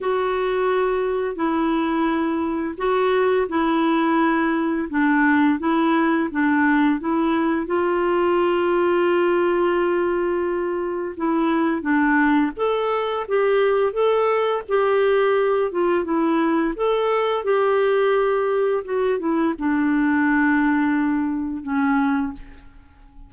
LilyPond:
\new Staff \with { instrumentName = "clarinet" } { \time 4/4 \tempo 4 = 86 fis'2 e'2 | fis'4 e'2 d'4 | e'4 d'4 e'4 f'4~ | f'1 |
e'4 d'4 a'4 g'4 | a'4 g'4. f'8 e'4 | a'4 g'2 fis'8 e'8 | d'2. cis'4 | }